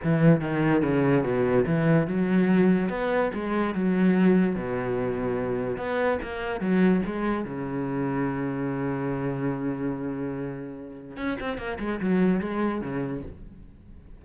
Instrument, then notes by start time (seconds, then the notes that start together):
cello
0.03 E3
0.40 D#3
0.82 C#3
1.23 B2
1.66 E3
2.07 F#3
2.89 B3
3.34 G#3
3.74 F#3
4.55 B2
5.77 B3
6.22 A#3
6.60 F#3
7.05 G#3
7.44 C#3
11.16 C#4
11.40 C4
11.57 A#3
11.79 G#3
12.00 F#3
12.40 G#3
12.81 C#3